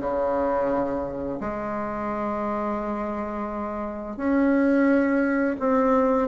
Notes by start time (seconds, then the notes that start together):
0.00 C#3
1.40 G#3
4.17 C#4
5.59 C4